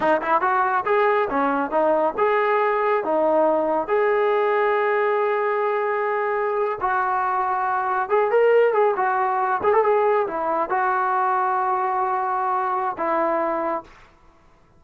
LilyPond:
\new Staff \with { instrumentName = "trombone" } { \time 4/4 \tempo 4 = 139 dis'8 e'8 fis'4 gis'4 cis'4 | dis'4 gis'2 dis'4~ | dis'4 gis'2.~ | gis'2.~ gis'8. fis'16~ |
fis'2~ fis'8. gis'8 ais'8.~ | ais'16 gis'8 fis'4. gis'16 a'16 gis'4 e'16~ | e'8. fis'2.~ fis'16~ | fis'2 e'2 | }